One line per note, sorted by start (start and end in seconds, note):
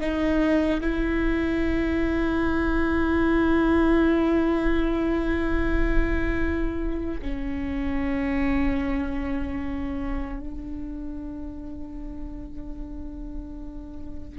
0.00 0.80 D#4
0.80 7.20 E4
7.21 10.39 C#4
10.39 14.39 D4